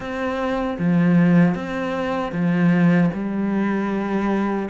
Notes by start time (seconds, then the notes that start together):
0.00 C4
0.78 F3
1.54 C4
2.32 F3
3.13 G3